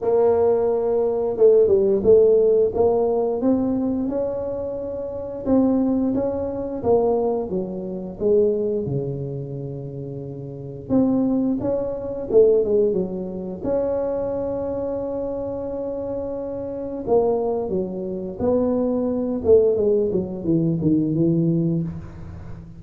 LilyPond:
\new Staff \with { instrumentName = "tuba" } { \time 4/4 \tempo 4 = 88 ais2 a8 g8 a4 | ais4 c'4 cis'2 | c'4 cis'4 ais4 fis4 | gis4 cis2. |
c'4 cis'4 a8 gis8 fis4 | cis'1~ | cis'4 ais4 fis4 b4~ | b8 a8 gis8 fis8 e8 dis8 e4 | }